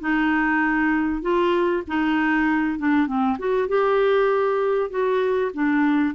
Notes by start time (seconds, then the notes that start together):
0.00 D#4
1.22 F4
1.88 D#4
2.79 D4
3.07 C4
3.38 F#4
3.68 G4
4.90 F#4
5.54 D4